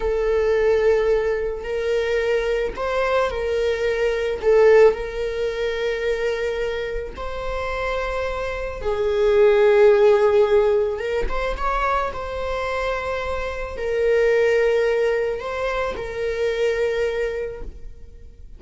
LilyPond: \new Staff \with { instrumentName = "viola" } { \time 4/4 \tempo 4 = 109 a'2. ais'4~ | ais'4 c''4 ais'2 | a'4 ais'2.~ | ais'4 c''2. |
gis'1 | ais'8 c''8 cis''4 c''2~ | c''4 ais'2. | c''4 ais'2. | }